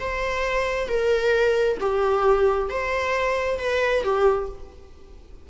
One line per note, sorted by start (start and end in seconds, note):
0.00 0.89 C5
0.89 1.78 A#4
1.80 2.70 G4
2.70 3.59 C5
3.59 4.04 B4
4.04 4.49 G4